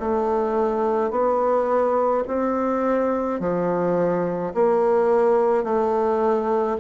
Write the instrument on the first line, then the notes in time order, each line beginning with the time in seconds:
bassoon
0.00 A3
1.11 B3
2.27 C4
3.40 F3
4.54 A#3
5.64 A3